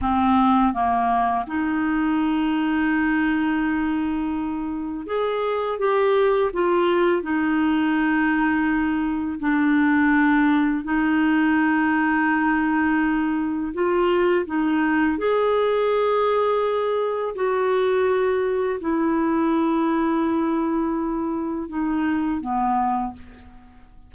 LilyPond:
\new Staff \with { instrumentName = "clarinet" } { \time 4/4 \tempo 4 = 83 c'4 ais4 dis'2~ | dis'2. gis'4 | g'4 f'4 dis'2~ | dis'4 d'2 dis'4~ |
dis'2. f'4 | dis'4 gis'2. | fis'2 e'2~ | e'2 dis'4 b4 | }